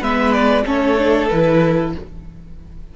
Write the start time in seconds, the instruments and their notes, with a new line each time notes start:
0.00 cello G#3, viola B3, violin B4 E5
0.32 violin D5
0.64 cello A3, viola C#4, violin A4 C#5
0.98 viola D4
1.28 cello E3, viola E4, violin B4